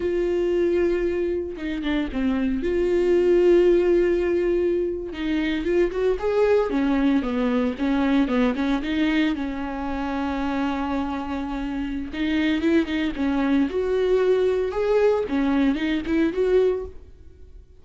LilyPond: \new Staff \with { instrumentName = "viola" } { \time 4/4 \tempo 4 = 114 f'2. dis'8 d'8 | c'4 f'2.~ | f'4.~ f'16 dis'4 f'8 fis'8 gis'16~ | gis'8. cis'4 b4 cis'4 b16~ |
b16 cis'8 dis'4 cis'2~ cis'16~ | cis'2. dis'4 | e'8 dis'8 cis'4 fis'2 | gis'4 cis'4 dis'8 e'8 fis'4 | }